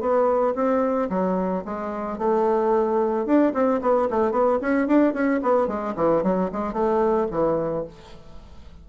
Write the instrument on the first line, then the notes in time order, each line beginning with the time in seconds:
bassoon
0.00 B3
0.55 C4
1.09 F#3
1.65 G#3
2.18 A3
3.25 D4
3.53 C4
3.81 B3
4.10 A3
4.31 B3
4.61 C#4
4.87 D4
5.13 C#4
5.43 B3
5.67 G#3
5.96 E3
6.23 F#3
6.52 G#3
6.72 A3
7.30 E3